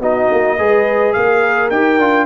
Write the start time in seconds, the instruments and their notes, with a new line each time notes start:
0.00 tuba B3, trombone D#4, horn F#4, trumpet D#5
0.31 tuba A#3
0.59 tuba G#3, trombone G#4, horn B4
1.13 tuba A#3, horn A#4, trumpet F5
1.70 tuba D#4, trombone G4, trumpet G5
1.99 tuba D4, trombone F4